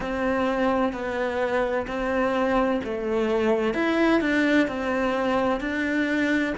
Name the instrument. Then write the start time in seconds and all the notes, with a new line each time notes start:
cello
0.00 C4
0.92 B3
1.87 C4
2.84 A3
3.74 E4
4.20 D4
4.67 C4
5.60 D4